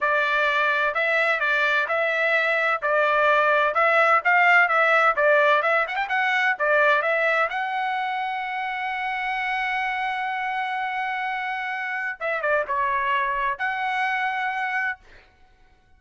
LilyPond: \new Staff \with { instrumentName = "trumpet" } { \time 4/4 \tempo 4 = 128 d''2 e''4 d''4 | e''2 d''2 | e''4 f''4 e''4 d''4 | e''8 fis''16 g''16 fis''4 d''4 e''4 |
fis''1~ | fis''1~ | fis''2 e''8 d''8 cis''4~ | cis''4 fis''2. | }